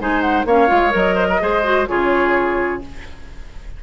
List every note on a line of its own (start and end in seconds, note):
0.00 0.45 G#3
0.00 0.47 D#4
0.00 0.47 C5
0.00 0.21 G#5
0.21 0.45 F#5
0.45 0.69 A#3
0.45 0.68 C#4
0.45 1.16 C#5
0.45 0.94 F5
0.68 0.95 G#3
0.68 0.90 F4
0.90 1.41 F#3
0.90 1.37 A#4
0.90 1.88 D#5
1.16 1.27 C5
1.29 1.41 A#4
1.40 1.89 G#3
1.40 1.63 G#4
1.40 1.89 C5
1.64 1.87 F#4
1.88 2.83 C#3
1.88 2.82 F4
1.88 2.83 G#4
1.88 2.82 C#5